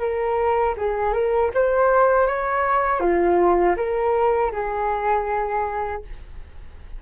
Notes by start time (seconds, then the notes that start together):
0.00 A#4
0.77 G#4
1.14 A#4
1.54 C5
2.27 C#5
3.01 F4
3.77 A#4
4.52 G#4